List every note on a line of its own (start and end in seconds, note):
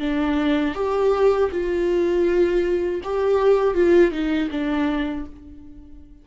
0.00 0.75 D4
0.75 1.50 G4
1.51 3.01 F4
3.04 3.75 G4
3.75 4.12 F4
4.12 4.49 D#4
4.51 5.26 D4